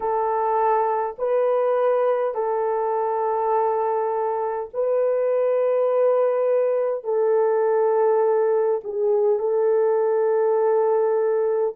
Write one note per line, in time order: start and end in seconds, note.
0.00 1.16 A4
1.18 2.34 B4
2.34 4.69 A4
4.73 7.04 B4
7.04 8.80 A4
8.83 9.39 G#4
9.39 11.74 A4